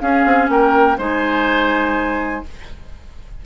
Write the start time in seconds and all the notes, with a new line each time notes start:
0.00 C#4 G#4 F5
0.25 C4
0.49 A#3 A#4 G5
0.98 G#3 D#4 C5 G#5